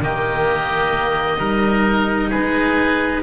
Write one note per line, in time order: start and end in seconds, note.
0.00 1.38 D#3
0.00 1.37 A#3
0.00 1.38 G4
0.00 2.31 D#5
1.37 2.31 G3
1.37 3.22 D#4
1.37 2.29 A#4
2.29 3.22 G#3
2.29 3.21 G#4
2.29 3.22 B4